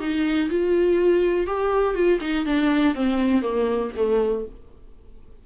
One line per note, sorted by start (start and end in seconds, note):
0.00 0.49 D#4
0.49 1.47 F4
1.47 1.94 G4
1.94 2.19 F4
2.21 2.45 D#4
2.45 2.94 D4
2.94 3.42 C4
3.42 3.91 A#3
3.96 4.46 A3